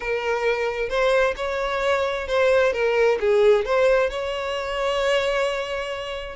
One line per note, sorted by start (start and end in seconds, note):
0.00 0.89 A#4
0.89 1.34 C5
1.36 2.27 C#5
2.27 2.73 C5
2.73 3.18 A#4
3.19 3.65 G#4
3.65 4.10 C5
4.10 6.35 C#5